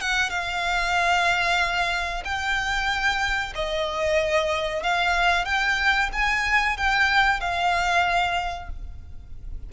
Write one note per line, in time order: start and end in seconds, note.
0.00 0.29 F#5
0.29 2.23 F5
2.24 3.53 G5
3.55 4.83 D#5
4.83 5.45 F5
5.45 6.09 G5
6.12 6.77 G#5
6.77 7.40 G5
7.40 8.69 F5